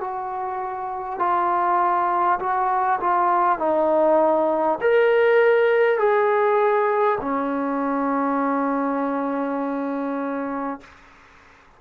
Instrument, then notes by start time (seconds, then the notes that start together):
trombone
0.00 F#4
1.19 F4
2.39 F#4
3.00 F4
3.58 D#4
4.81 A#4
5.98 G#4
7.21 C#4